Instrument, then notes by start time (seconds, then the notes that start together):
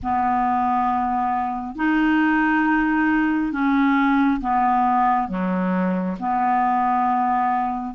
clarinet
0.02 B3
1.75 D#4
3.52 C#4
4.40 B3
5.28 F#3
6.19 B3